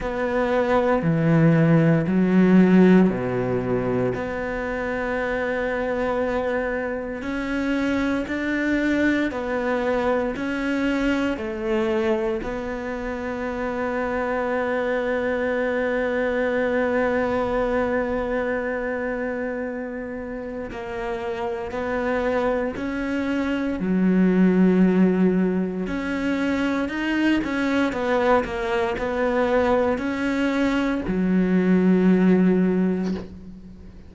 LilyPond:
\new Staff \with { instrumentName = "cello" } { \time 4/4 \tempo 4 = 58 b4 e4 fis4 b,4 | b2. cis'4 | d'4 b4 cis'4 a4 | b1~ |
b1 | ais4 b4 cis'4 fis4~ | fis4 cis'4 dis'8 cis'8 b8 ais8 | b4 cis'4 fis2 | }